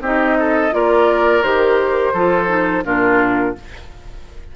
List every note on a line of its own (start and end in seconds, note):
0.00 0.71 C4
0.00 0.71 D#4
0.00 0.37 G4
0.00 0.74 D#5
0.39 0.74 A4
0.71 1.43 A#3
0.71 1.42 F4
0.71 2.13 A#4
0.71 1.42 D5
1.42 2.13 D#3
1.42 2.13 G4
1.42 2.84 C5
2.13 2.84 F3
2.13 2.47 F4
2.13 2.84 A4
2.47 2.82 D#4
2.84 3.55 A#2
2.84 3.55 D4
2.84 3.55 F4
2.84 3.55 A#4